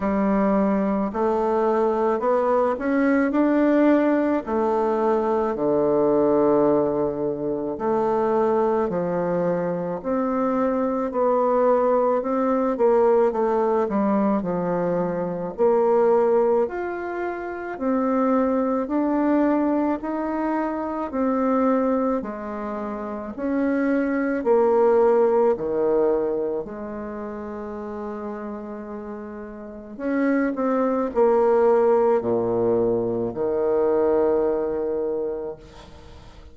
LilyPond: \new Staff \with { instrumentName = "bassoon" } { \time 4/4 \tempo 4 = 54 g4 a4 b8 cis'8 d'4 | a4 d2 a4 | f4 c'4 b4 c'8 ais8 | a8 g8 f4 ais4 f'4 |
c'4 d'4 dis'4 c'4 | gis4 cis'4 ais4 dis4 | gis2. cis'8 c'8 | ais4 ais,4 dis2 | }